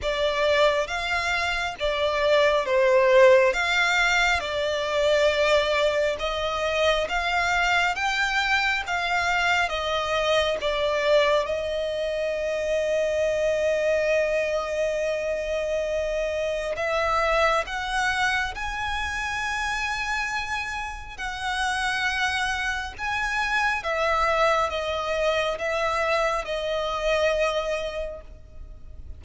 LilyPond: \new Staff \with { instrumentName = "violin" } { \time 4/4 \tempo 4 = 68 d''4 f''4 d''4 c''4 | f''4 d''2 dis''4 | f''4 g''4 f''4 dis''4 | d''4 dis''2.~ |
dis''2. e''4 | fis''4 gis''2. | fis''2 gis''4 e''4 | dis''4 e''4 dis''2 | }